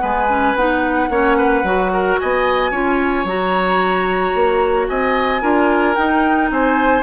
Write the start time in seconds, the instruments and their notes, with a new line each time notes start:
0.00 bassoon G#3, clarinet B3, oboe B4, flute G#5
0.30 clarinet C#4
0.55 bassoon B3, clarinet D#4, flute F#5
1.10 bassoon A#3, clarinet C#4, oboe C#5
1.38 oboe B4
1.64 bassoon F#3, clarinet F#4
1.93 oboe A#4
2.19 bassoon B3, oboe D#5, flute G#5
2.72 bassoon C#4, clarinet F4, oboe C#5
3.25 bassoon F#3, clarinet F#4, flute A#5
4.35 bassoon A#3
4.89 bassoon C4, oboe D#5, flute G#5
5.42 bassoon D4, clarinet F4, oboe A#4
5.95 clarinet D#4, bassoon D#4, flute G5
6.51 bassoon C4, oboe C5, flute G#5